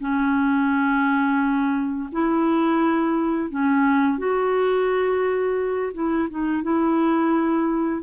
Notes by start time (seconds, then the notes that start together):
0.00 C#4
2.12 E4
3.50 C#4
4.18 F#4
5.93 E4
6.30 D#4
6.63 E4